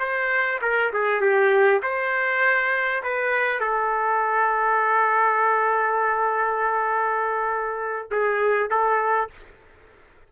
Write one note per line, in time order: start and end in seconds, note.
0.00 0.60 C5
0.62 0.92 A#4
0.93 1.21 G#4
1.21 1.81 G4
1.83 3.03 C5
3.04 3.61 B4
3.61 8.11 A4
8.12 8.71 G#4
8.71 9.31 A4